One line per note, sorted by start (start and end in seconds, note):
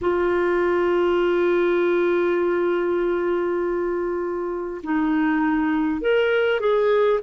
0.01 4.81 F4
4.83 6.01 D#4
6.01 6.59 A#4
6.59 7.19 G#4